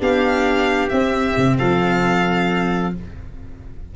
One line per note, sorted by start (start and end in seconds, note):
0.00 0.91 B3
0.00 0.90 D4
0.00 1.59 G4
0.00 0.89 F5
0.89 2.94 C4
0.89 1.37 C4
0.89 1.57 E5
1.37 1.60 C3
1.59 2.96 F3
1.59 2.94 A4
1.59 2.94 F5